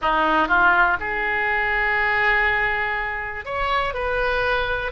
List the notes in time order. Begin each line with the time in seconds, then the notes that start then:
0.01 D#4
0.48 F4
1.00 G#4
3.45 C#5
3.94 B4